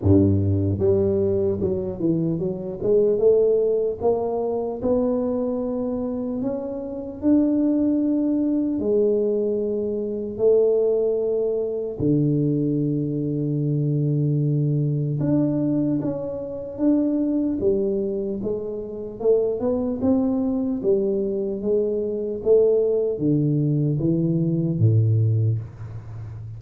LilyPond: \new Staff \with { instrumentName = "tuba" } { \time 4/4 \tempo 4 = 75 g,4 g4 fis8 e8 fis8 gis8 | a4 ais4 b2 | cis'4 d'2 gis4~ | gis4 a2 d4~ |
d2. d'4 | cis'4 d'4 g4 gis4 | a8 b8 c'4 g4 gis4 | a4 d4 e4 a,4 | }